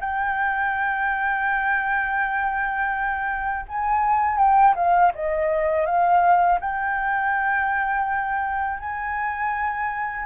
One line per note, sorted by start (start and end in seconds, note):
0.00 3.66 G5
3.68 4.38 G#5
4.38 4.74 G5
4.75 5.12 F5
5.15 5.86 D#5
5.86 6.59 F5
6.60 8.79 G5
8.79 10.25 G#5